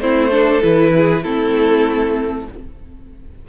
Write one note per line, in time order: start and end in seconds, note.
0.00 0.62 A3
0.00 0.31 C4
0.00 0.31 E4
0.00 0.62 C5
0.31 0.61 D4
0.31 0.93 A4
0.61 1.24 E3
0.61 1.23 E4
0.61 1.23 B4
0.96 1.23 G#4
1.23 2.48 A3
1.23 2.49 C4
1.23 2.47 E4
1.23 2.47 A4